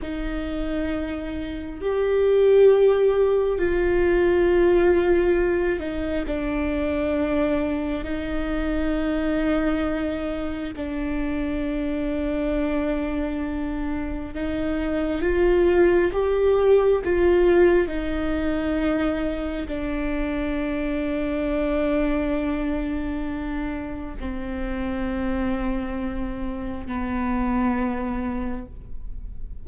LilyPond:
\new Staff \with { instrumentName = "viola" } { \time 4/4 \tempo 4 = 67 dis'2 g'2 | f'2~ f'8 dis'8 d'4~ | d'4 dis'2. | d'1 |
dis'4 f'4 g'4 f'4 | dis'2 d'2~ | d'2. c'4~ | c'2 b2 | }